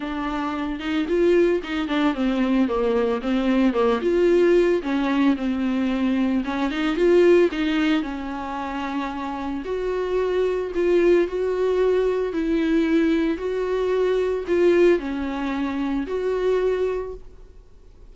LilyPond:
\new Staff \with { instrumentName = "viola" } { \time 4/4 \tempo 4 = 112 d'4. dis'8 f'4 dis'8 d'8 | c'4 ais4 c'4 ais8 f'8~ | f'4 cis'4 c'2 | cis'8 dis'8 f'4 dis'4 cis'4~ |
cis'2 fis'2 | f'4 fis'2 e'4~ | e'4 fis'2 f'4 | cis'2 fis'2 | }